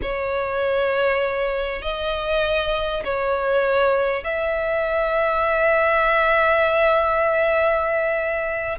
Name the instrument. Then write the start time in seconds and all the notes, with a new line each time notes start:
violin
0.02 C#5
1.82 D#5
3.04 C#5
4.24 E5